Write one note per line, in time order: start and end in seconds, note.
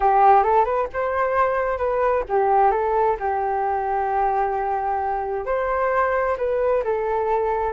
0.00 0.43 G4
0.43 0.64 A4
0.64 0.87 B4
0.93 1.77 C5
1.77 2.23 B4
2.28 2.71 G4
2.71 3.16 A4
3.19 5.45 G4
5.45 6.36 C5
6.37 6.83 B4
6.83 7.73 A4